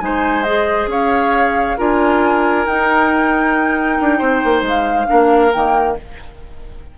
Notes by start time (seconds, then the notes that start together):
0.00 G#3 D#4 C5 G#5
0.43 G#4 D#5
0.87 C#4 C#5 F5
1.78 D4 F4 A#4 G#5
2.67 D#4 G5
4.01 D4
4.19 C4 C5
4.45 A#3
4.62 G#3
4.68 F5
5.07 A#3 D4 A#4
5.53 D#3 A#3 G5